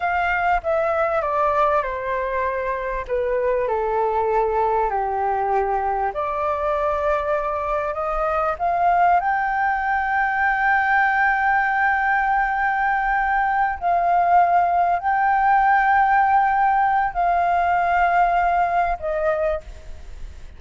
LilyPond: \new Staff \with { instrumentName = "flute" } { \time 4/4 \tempo 4 = 98 f''4 e''4 d''4 c''4~ | c''4 b'4 a'2 | g'2 d''2~ | d''4 dis''4 f''4 g''4~ |
g''1~ | g''2~ g''8 f''4.~ | f''8 g''2.~ g''8 | f''2. dis''4 | }